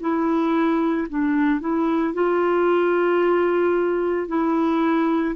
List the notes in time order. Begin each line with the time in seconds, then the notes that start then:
0.00 E4
1.09 D4
1.60 E4
2.14 F4
4.28 E4